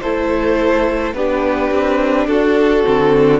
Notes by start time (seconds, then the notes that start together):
0.00 A3 E4 A4 C5
1.13 B3 D4 G4 B4
1.71 C4
2.26 D4 F#4 A4
2.83 D3 C4